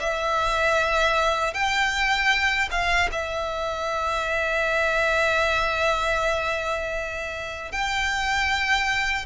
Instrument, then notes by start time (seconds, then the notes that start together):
violin
0.00 E5
1.54 G5
2.71 F5
3.12 E5
7.72 G5